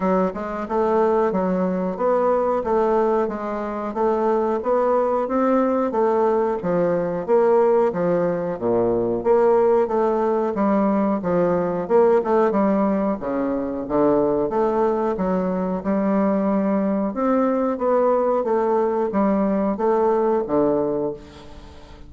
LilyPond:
\new Staff \with { instrumentName = "bassoon" } { \time 4/4 \tempo 4 = 91 fis8 gis8 a4 fis4 b4 | a4 gis4 a4 b4 | c'4 a4 f4 ais4 | f4 ais,4 ais4 a4 |
g4 f4 ais8 a8 g4 | cis4 d4 a4 fis4 | g2 c'4 b4 | a4 g4 a4 d4 | }